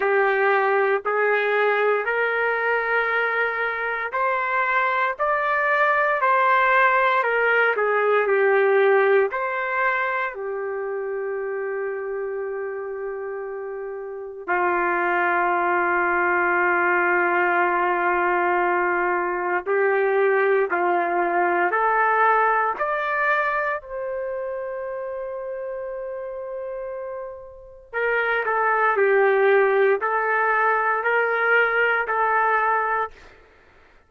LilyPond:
\new Staff \with { instrumentName = "trumpet" } { \time 4/4 \tempo 4 = 58 g'4 gis'4 ais'2 | c''4 d''4 c''4 ais'8 gis'8 | g'4 c''4 g'2~ | g'2 f'2~ |
f'2. g'4 | f'4 a'4 d''4 c''4~ | c''2. ais'8 a'8 | g'4 a'4 ais'4 a'4 | }